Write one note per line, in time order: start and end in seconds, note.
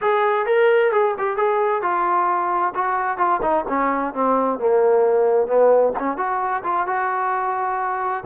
0.01 0.46 G#4
0.46 0.92 A#4
0.92 1.15 G#4
1.18 1.37 G4
1.37 1.82 G#4
1.82 2.73 F4
2.74 3.17 F#4
3.17 3.40 F4
3.42 3.65 D#4
3.68 4.14 C#4
4.14 4.59 C4
4.59 5.47 A#3
5.47 5.93 B3
5.99 6.17 C#4
6.17 6.62 F#4
6.63 6.86 F4
6.86 8.24 F#4